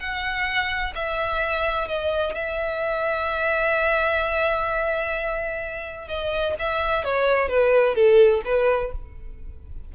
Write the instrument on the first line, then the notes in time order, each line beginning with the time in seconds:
violin
0.00 F#5
0.95 E5
1.88 D#5
2.35 E5
6.08 D#5
6.59 E5
7.05 C#5
7.49 B4
7.95 A4
8.45 B4